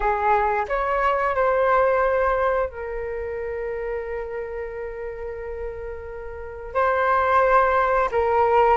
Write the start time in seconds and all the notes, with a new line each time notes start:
0.00 G#4
0.68 C#5
1.35 C5
2.69 A#4
6.74 C5
8.11 A#4